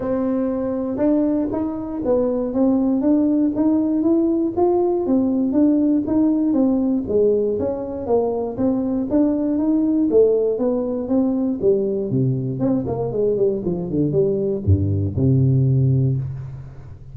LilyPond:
\new Staff \with { instrumentName = "tuba" } { \time 4/4 \tempo 4 = 119 c'2 d'4 dis'4 | b4 c'4 d'4 dis'4 | e'4 f'4 c'4 d'4 | dis'4 c'4 gis4 cis'4 |
ais4 c'4 d'4 dis'4 | a4 b4 c'4 g4 | c4 c'8 ais8 gis8 g8 f8 d8 | g4 g,4 c2 | }